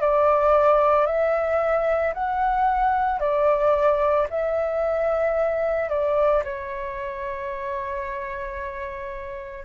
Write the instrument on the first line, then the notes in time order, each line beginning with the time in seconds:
flute
0.00 D5
1.06 E5
2.14 F#5
3.19 D5
4.30 E5
5.89 D5
6.44 C#5